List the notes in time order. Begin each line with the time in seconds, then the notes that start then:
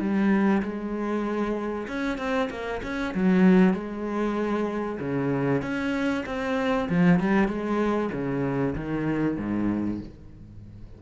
0.00 G3
0.63 G#3
1.88 C#4
2.18 C4
2.51 A#3
2.83 C#4
3.15 F#3
3.74 G#3
5.00 C#3
5.62 C#4
6.26 C4
6.90 F3
7.20 G3
7.48 G#3
8.13 C#3
8.76 D#3
9.38 G#2